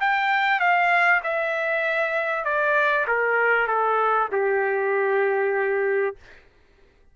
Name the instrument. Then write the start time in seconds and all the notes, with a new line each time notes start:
trumpet
0.00 G5
0.60 F5
1.23 E5
2.44 D5
3.07 A#4
3.67 A4
4.32 G4